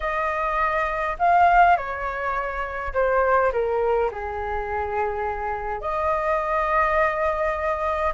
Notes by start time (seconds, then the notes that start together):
0.00 D#5
1.19 F5
1.76 C#5
2.93 C5
3.52 A#4
4.11 G#4
5.80 D#5